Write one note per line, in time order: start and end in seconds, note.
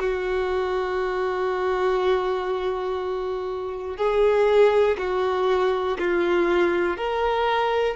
0.00 3.97 F#4
3.97 4.97 G#4
4.98 5.98 F#4
5.99 6.98 F4
6.98 7.96 A#4